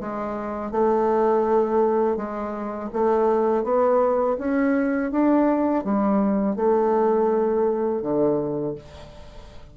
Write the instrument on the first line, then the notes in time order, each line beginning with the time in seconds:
bassoon
0.00 G#3
0.72 A3
2.17 G#3
2.93 A3
3.64 B3
4.38 C#4
5.11 D4
5.84 G3
6.56 A3
8.02 D3